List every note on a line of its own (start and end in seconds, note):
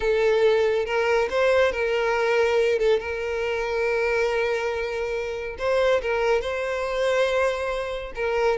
0.00 0.85 A4
0.85 1.28 A#4
1.30 1.71 C5
1.71 2.78 A#4
2.78 2.99 A4
2.99 5.56 A#4
5.58 6.01 C5
6.01 6.41 A#4
6.41 8.12 C5
8.15 8.58 A#4